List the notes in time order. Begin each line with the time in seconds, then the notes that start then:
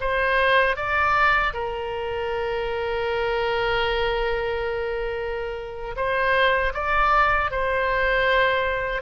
0.00 C5
0.76 D5
1.53 A#4
5.96 C5
6.74 D5
7.51 C5